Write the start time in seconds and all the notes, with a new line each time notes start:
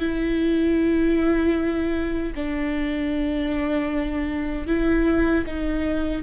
0.00 E4
2.36 D4
4.67 E4
5.47 D#4